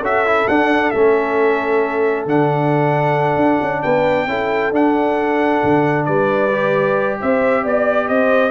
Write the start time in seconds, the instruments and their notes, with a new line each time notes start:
0.00 tuba C#4, trombone F#4, horn A4, trumpet E5
0.26 trombone E4
0.48 tuba D4, trombone D4, trumpet F#5
0.91 tuba A3, trombone C#4, trumpet E5
2.26 tuba D3, trombone D4, trumpet F#5
3.36 tuba D4
3.62 tuba C#4
3.83 tuba B3, horn B4, trumpet G5
4.27 tuba C#4, trombone E4, horn A4
4.72 tuba D4, trombone D4, trumpet F#5
5.64 tuba D3
6.05 tuba G3, horn B4, trumpet D5
6.52 trombone G4
7.21 tuba C4, horn C5, trumpet E5
7.64 tuba B3, horn D5, trumpet D5
8.08 tuba C4, horn C5, trumpet D#5